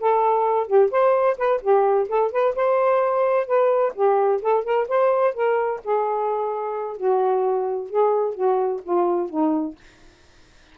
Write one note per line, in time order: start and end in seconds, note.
0.00 0.67 A4
0.67 0.90 G4
0.91 1.37 C5
1.38 1.61 B4
1.62 2.08 G4
2.09 2.32 A4
2.32 2.55 B4
2.55 3.47 C5
3.47 3.93 B4
3.95 4.41 G4
4.42 4.64 A4
4.64 4.88 A#4
4.88 5.34 C5
5.34 5.81 A#4
5.84 6.97 G#4
6.97 7.90 F#4
7.90 8.34 G#4
8.34 8.81 F#4
8.83 9.29 F4
9.29 9.76 D#4